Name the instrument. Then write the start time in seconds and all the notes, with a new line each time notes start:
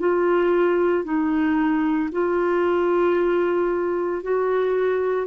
clarinet
0.00 F4
1.04 D#4
2.12 F4
4.23 F#4